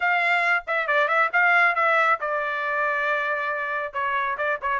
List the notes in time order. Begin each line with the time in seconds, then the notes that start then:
0.00 F5
0.67 E5
0.87 D5
1.07 E5
1.32 F5
1.75 E5
2.20 D5
3.93 C#5
4.37 D5
4.61 C#5